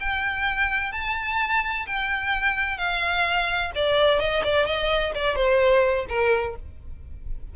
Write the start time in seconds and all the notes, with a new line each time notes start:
0.00 G5
0.92 A5
1.86 G5
2.77 F5
3.75 D5
4.20 D#5
4.44 D5
4.66 D#5
5.15 D5
5.36 C5
6.09 A#4